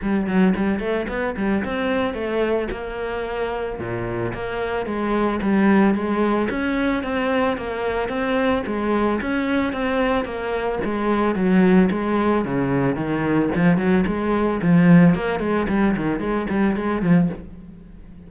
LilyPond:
\new Staff \with { instrumentName = "cello" } { \time 4/4 \tempo 4 = 111 g8 fis8 g8 a8 b8 g8 c'4 | a4 ais2 ais,4 | ais4 gis4 g4 gis4 | cis'4 c'4 ais4 c'4 |
gis4 cis'4 c'4 ais4 | gis4 fis4 gis4 cis4 | dis4 f8 fis8 gis4 f4 | ais8 gis8 g8 dis8 gis8 g8 gis8 f8 | }